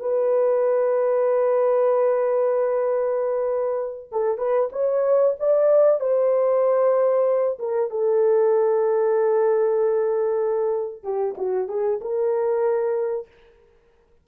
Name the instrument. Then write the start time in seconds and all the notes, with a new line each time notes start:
horn
0.00 B4
4.12 A4
4.38 B4
4.73 C#5
5.39 D5
6.00 C5
7.59 A#4
7.90 A4
11.04 G4
11.37 F#4
11.68 G#4
12.01 A#4